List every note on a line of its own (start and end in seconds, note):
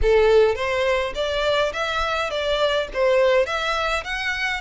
0.02 0.55 A4
0.55 1.12 C5
1.14 1.72 D5
1.73 2.30 E5
2.30 2.88 D5
2.93 3.46 C5
3.46 4.03 E5
4.04 4.60 F#5